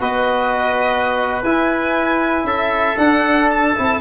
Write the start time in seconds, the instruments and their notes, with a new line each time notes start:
0.00 tuba B3, trombone F#4, trumpet B4, violin D#5
1.43 tuba E4, trombone E4, violin G#5
2.44 tuba C#4, trumpet A4, violin E5
2.97 trombone D4, tuba D4, violin F#5
3.51 violin A5
3.75 tuba C4, trombone E4